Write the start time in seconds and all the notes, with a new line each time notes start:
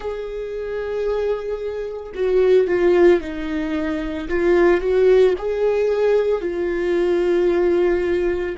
0.00 G#4
2.14 F#4
2.67 F4
3.20 D#4
4.28 F4
4.81 F#4
5.38 G#4
6.41 F4